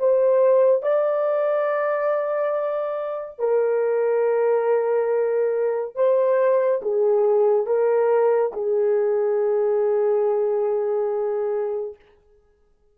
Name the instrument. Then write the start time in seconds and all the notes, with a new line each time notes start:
horn
0.00 C5
0.83 D5
3.39 A#4
5.96 C5
6.82 G#4
7.67 A#4
8.53 G#4